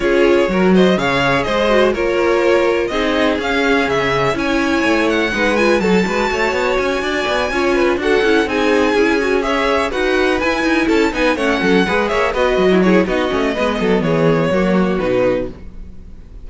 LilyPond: <<
  \new Staff \with { instrumentName = "violin" } { \time 4/4 \tempo 4 = 124 cis''4. dis''8 f''4 dis''4 | cis''2 dis''4 f''4 | e''4 gis''4. fis''4 gis''8 | a''2 gis''2~ |
gis''8 fis''4 gis''2 e''8~ | e''8 fis''4 gis''4 a''8 gis''8 fis''8~ | fis''4 e''8 dis''4 cis''8 dis''4~ | dis''4 cis''2 b'4 | }
  \new Staff \with { instrumentName = "violin" } { \time 4/4 gis'4 ais'8 c''8 cis''4 c''4 | ais'2 gis'2~ | gis'4 cis''2 b'4 | a'8 b'8 cis''4. d''4 cis''8 |
b'8 a'4 gis'2 cis''8~ | cis''8 b'2 a'8 b'8 cis''8 | a'8 b'8 cis''8 b'8. e'16 gis'8 fis'4 | b'8 a'8 gis'4 fis'2 | }
  \new Staff \with { instrumentName = "viola" } { \time 4/4 f'4 fis'4 gis'4. fis'8 | f'2 dis'4 cis'4~ | cis'4 e'2 dis'8 f'8 | fis'2.~ fis'8 f'8~ |
f'8 fis'8 e'8 dis'4 e'8 fis'8 gis'8~ | gis'8 fis'4 e'4. dis'8 cis'8~ | cis'8 gis'4 fis'4 e'8 dis'8 cis'8 | b2 ais4 dis'4 | }
  \new Staff \with { instrumentName = "cello" } { \time 4/4 cis'4 fis4 cis4 gis4 | ais2 c'4 cis'4 | cis4 cis'4 a4 gis4 | fis8 gis8 a8 b8 cis'8 d'8 b8 cis'8~ |
cis'8 d'8 cis'8 c'4 cis'4.~ | cis'8 dis'4 e'8 dis'8 cis'8 b8 a8 | fis8 gis8 ais8 b8 fis4 b8 a8 | gis8 fis8 e4 fis4 b,4 | }
>>